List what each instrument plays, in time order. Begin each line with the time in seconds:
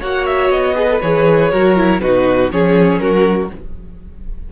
0.00 cello A#3, viola F#4, violin C#5 F#5
0.26 violin E5
0.50 cello B3, violin D#5
0.75 viola G#4, violin B4
0.89 viola A4
1.02 cello E3, viola G#4, violin C#5
1.52 cello F#3, viola F#4, violin A#4
1.76 viola E4
2.01 cello B2, viola D#4, violin F#4 B4
2.51 cello F3, viola C#4, violin G#4 C#5
2.99 cello F#3, violin F#4 A#4